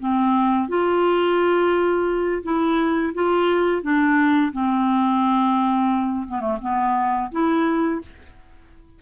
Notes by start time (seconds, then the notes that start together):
0.00 C4
0.68 F4
2.43 E4
3.14 F4
3.82 D4
4.53 C4
6.28 B3
6.40 A3
6.62 B3
7.32 E4